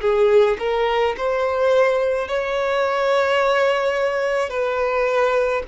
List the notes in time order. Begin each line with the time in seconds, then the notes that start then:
0.00 G#4
0.59 A#4
1.17 C5
2.27 C#5
4.49 B4